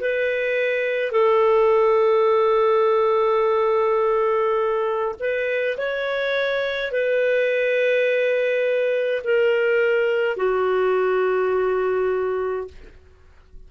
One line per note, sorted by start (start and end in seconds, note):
0.00 1.12 B4
1.12 5.16 A4
5.20 5.77 B4
5.77 6.92 C#5
6.92 9.23 B4
9.24 10.37 A#4
10.37 12.68 F#4